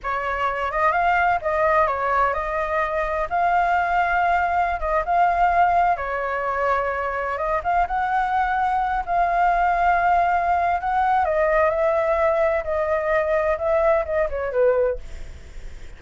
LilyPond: \new Staff \with { instrumentName = "flute" } { \time 4/4 \tempo 4 = 128 cis''4. dis''8 f''4 dis''4 | cis''4 dis''2 f''4~ | f''2~ f''16 dis''8 f''4~ f''16~ | f''8. cis''2. dis''16~ |
dis''16 f''8 fis''2~ fis''8 f''8.~ | f''2. fis''4 | dis''4 e''2 dis''4~ | dis''4 e''4 dis''8 cis''8 b'4 | }